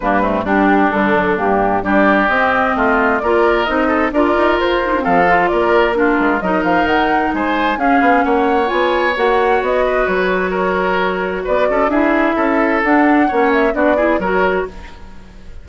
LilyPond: <<
  \new Staff \with { instrumentName = "flute" } { \time 4/4 \tempo 4 = 131 b'4 g'4 a'4 g'4 | d''4 dis''2 d''4 | dis''4 d''4 c''4 f''4 | d''4 ais'4 dis''8 f''8 fis''4 |
gis''4 f''4 fis''4 gis''4 | fis''4 dis''4 cis''2~ | cis''4 d''4 e''2 | fis''4. e''8 d''4 cis''4 | }
  \new Staff \with { instrumentName = "oboe" } { \time 4/4 d'8 c'8 d'2. | g'2 f'4 ais'4~ | ais'8 a'8 ais'2 a'4 | ais'4 f'4 ais'2 |
c''4 gis'4 cis''2~ | cis''4. b'4. ais'4~ | ais'4 b'8 a'8 gis'4 a'4~ | a'4 cis''4 fis'8 gis'8 ais'4 | }
  \new Staff \with { instrumentName = "clarinet" } { \time 4/4 ais8 a8 d'4 g8 fis8 ais4 | d'4 c'2 f'4 | dis'4 f'4. dis'16 d'16 c'8 f'8~ | f'4 d'4 dis'2~ |
dis'4 cis'2 f'4 | fis'1~ | fis'2 e'2 | d'4 cis'4 d'8 e'8 fis'4 | }
  \new Staff \with { instrumentName = "bassoon" } { \time 4/4 g,4 g4 d4 g,4 | g4 c'4 a4 ais4 | c'4 d'8 dis'8 f'4 f4 | ais4. gis8 fis8 f8 dis4 |
gis4 cis'8 b8 ais4 b4 | ais4 b4 fis2~ | fis4 b8 cis'8 d'4 cis'4 | d'4 ais4 b4 fis4 | }
>>